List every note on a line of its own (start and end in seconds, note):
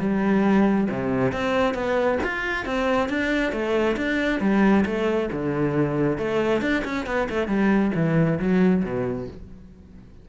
0.00 0.88 G3
0.90 1.33 C3
1.33 1.75 C4
1.75 2.19 B3
2.24 2.66 F4
2.66 3.10 C4
3.10 3.53 D4
3.53 3.97 A3
3.97 4.41 D4
4.41 4.85 G3
4.86 5.30 A3
5.33 6.18 D3
6.18 6.62 A3
6.62 6.84 D4
6.85 7.07 C#4
7.07 7.29 B3
7.30 7.48 A3
7.48 7.92 G3
7.96 8.40 E3
8.40 8.84 F#3
8.84 9.28 B2